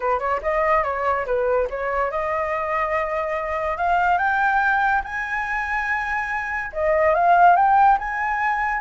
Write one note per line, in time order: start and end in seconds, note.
0.00 0.19 B4
0.19 0.40 C#5
0.42 0.83 D#5
0.83 1.25 C#5
1.25 1.67 B4
1.70 2.11 C#5
2.11 3.77 D#5
3.77 4.18 F5
4.18 5.02 G5
5.03 6.71 G#5
6.72 7.14 D#5
7.14 7.56 F5
7.56 7.98 G5
7.98 8.81 G#5